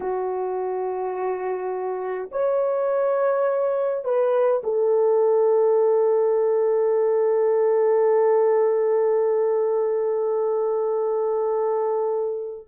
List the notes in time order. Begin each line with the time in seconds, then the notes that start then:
0.00 F#4
2.31 C#5
4.04 B4
4.63 A4